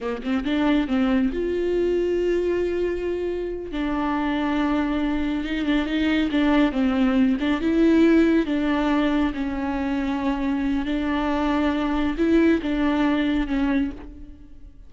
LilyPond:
\new Staff \with { instrumentName = "viola" } { \time 4/4 \tempo 4 = 138 ais8 c'8 d'4 c'4 f'4~ | f'1~ | f'8 d'2.~ d'8~ | d'8 dis'8 d'8 dis'4 d'4 c'8~ |
c'4 d'8 e'2 d'8~ | d'4. cis'2~ cis'8~ | cis'4 d'2. | e'4 d'2 cis'4 | }